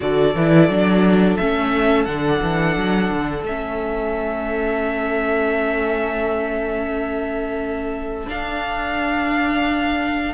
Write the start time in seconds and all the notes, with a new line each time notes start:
0.00 D3 F#4 A4 D5
0.35 E3 E4
0.68 F#3 D4
1.36 A3 C#4 E5
2.04 D3 D4 F#5
2.42 E3
2.76 F#3
3.10 D3
3.43 A3 C#4 E5
8.26 D4 F5